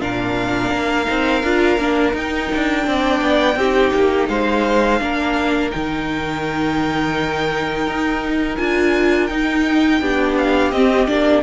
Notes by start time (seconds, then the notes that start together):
0.00 A#2 D4 A#4 F5
0.70 A#3
1.05 C4 D#4
1.43 D4 F4
1.78 A#3 D4
2.12 D#4 G5
2.54 D4
2.82 C4 D4 D5
3.21 B3
3.56 C4 D#4 G4
3.93 A#3
4.28 G#3 C5 F5
5.00 A#3 D4 A#4
5.70 D#3 D#4 G5
7.87 D#4
8.56 D4 F4 G#5
9.26 D#4 G5
10.00 B3 D4 G4
10.37 F5
10.71 C4 D#5
11.06 A#3 D4 D5